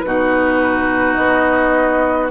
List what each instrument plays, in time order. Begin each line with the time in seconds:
0.00 bassoon B2, clarinet D#4, flute B4
0.06 oboe F#4
1.14 bassoon B3, flute D#5